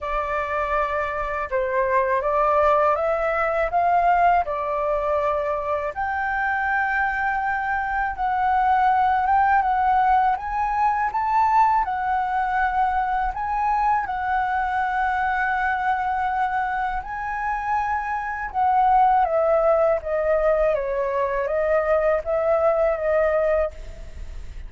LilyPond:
\new Staff \with { instrumentName = "flute" } { \time 4/4 \tempo 4 = 81 d''2 c''4 d''4 | e''4 f''4 d''2 | g''2. fis''4~ | fis''8 g''8 fis''4 gis''4 a''4 |
fis''2 gis''4 fis''4~ | fis''2. gis''4~ | gis''4 fis''4 e''4 dis''4 | cis''4 dis''4 e''4 dis''4 | }